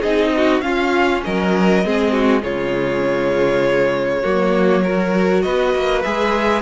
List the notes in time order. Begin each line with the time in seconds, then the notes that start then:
0.00 C4 D#4 G#4 D#5
0.36 F#4
0.61 C#4 F4 F5
1.24 F#3 A#4 D#5
1.85 G#3 C4 G#4
2.12 F#4
2.41 C#3 G#3 F4 C#5
4.22 F#3 A#3 F#4
4.83 F#4 A#4
5.42 B3 B4 D#5
5.75 A#3
6.02 G#3 G#4 E5